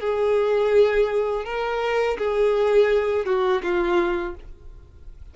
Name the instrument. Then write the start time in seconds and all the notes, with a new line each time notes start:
violin
0.00 G#4
1.45 A#4
2.18 G#4
3.26 F#4
3.63 F4